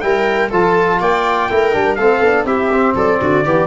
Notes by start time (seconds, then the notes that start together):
0.00 G3 E4 A#4 G5
0.49 F3 F4 A4 A5
1.00 A#3 D5 G5
1.50 A3 E4 A#4
1.72 G3 D4
1.95 A3 C4 A4 F5
2.20 B3 D4
2.44 C4 E4 G4 E5
2.72 C4
2.95 F#3 A4 D5
3.21 D3 F#4
3.44 E3 B3 G4